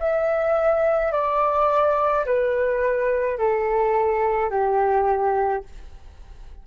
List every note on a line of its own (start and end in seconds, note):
0.00 1.13 E5
1.13 2.26 D5
2.26 3.39 B4
3.39 4.50 A4
4.50 5.63 G4